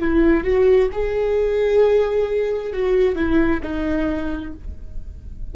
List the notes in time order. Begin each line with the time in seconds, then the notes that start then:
0.00 E4
0.44 F#4
0.92 G#4
2.73 F#4
3.16 E4
3.63 D#4